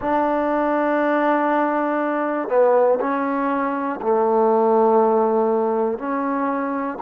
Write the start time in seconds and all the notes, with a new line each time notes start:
0.00 D4
2.49 B3
3.00 C#4
4.01 A3
5.98 C#4